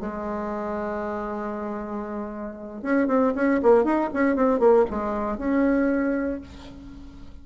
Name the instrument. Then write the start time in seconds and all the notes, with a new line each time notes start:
bassoon
0.00 G#3
2.82 C#4
3.08 C4
3.35 C#4
3.63 A#3
3.84 D#4
4.13 C#4
4.36 C4
4.59 A#3
4.90 G#3
5.38 C#4